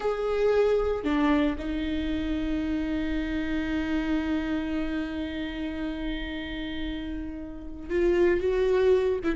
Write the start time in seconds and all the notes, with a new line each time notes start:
0.00 G#4
1.04 D4
1.58 D#4
7.89 F4
8.40 F#4
9.23 E4